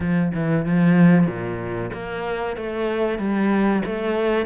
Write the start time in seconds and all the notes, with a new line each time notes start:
0.00 F3
0.34 E3
0.65 F3
1.26 A#2
1.93 A#3
2.56 A3
3.18 G3
3.85 A3